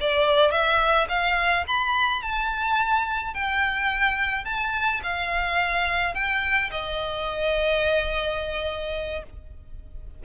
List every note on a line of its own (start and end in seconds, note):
0.00 0.51 D5
0.51 1.07 E5
1.08 1.64 F5
1.67 2.22 B5
2.22 3.34 A5
3.34 4.45 G5
4.45 5.01 A5
5.03 6.14 F5
6.14 6.70 G5
6.70 9.23 D#5